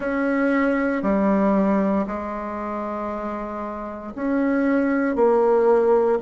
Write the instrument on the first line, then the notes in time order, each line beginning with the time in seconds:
bassoon
0.00 C#4
1.02 G3
2.06 G#3
4.15 C#4
5.15 A#3